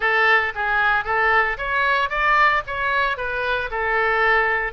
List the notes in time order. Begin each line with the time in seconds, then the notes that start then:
0.00 A4
0.55 G#4
1.04 A4
1.57 C#5
2.09 D5
2.66 C#5
3.17 B4
3.70 A4